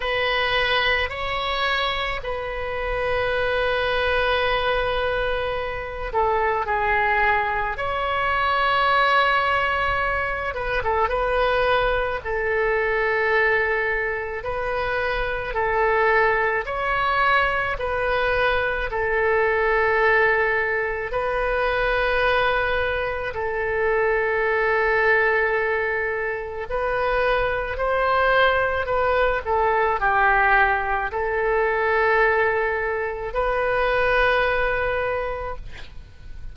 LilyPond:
\new Staff \with { instrumentName = "oboe" } { \time 4/4 \tempo 4 = 54 b'4 cis''4 b'2~ | b'4. a'8 gis'4 cis''4~ | cis''4. b'16 a'16 b'4 a'4~ | a'4 b'4 a'4 cis''4 |
b'4 a'2 b'4~ | b'4 a'2. | b'4 c''4 b'8 a'8 g'4 | a'2 b'2 | }